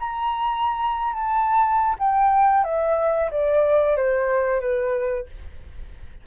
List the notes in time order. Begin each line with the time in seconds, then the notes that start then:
0.00 A#5
1.13 A5
1.99 G5
2.64 E5
3.31 D5
3.97 C5
4.61 B4